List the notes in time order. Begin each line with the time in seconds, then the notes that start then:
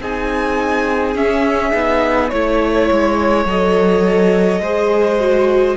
0.00 C4 D#4 G#4 G#5
1.15 C#4 E5
1.72 B3 D#4
2.29 A3 E4 C#5
2.91 G#3
3.45 F#3 A4 D#5
4.60 G#3 G#4 C5
5.19 F#4